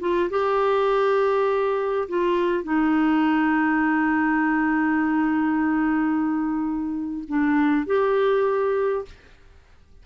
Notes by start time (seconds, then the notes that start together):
0.00 F4
0.30 G4
2.08 F4
2.64 D#4
7.28 D4
7.86 G4